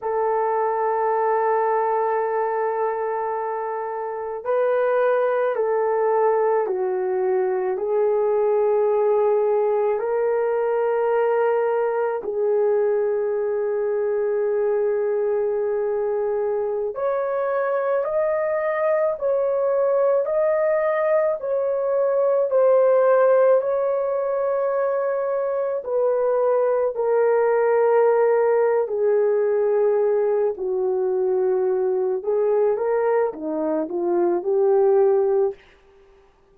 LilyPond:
\new Staff \with { instrumentName = "horn" } { \time 4/4 \tempo 4 = 54 a'1 | b'4 a'4 fis'4 gis'4~ | gis'4 ais'2 gis'4~ | gis'2.~ gis'16 cis''8.~ |
cis''16 dis''4 cis''4 dis''4 cis''8.~ | cis''16 c''4 cis''2 b'8.~ | b'16 ais'4.~ ais'16 gis'4. fis'8~ | fis'4 gis'8 ais'8 dis'8 f'8 g'4 | }